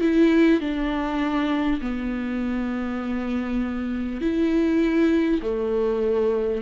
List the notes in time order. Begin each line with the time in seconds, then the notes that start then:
0.00 E4
0.60 D4
1.81 B3
4.21 E4
5.42 A3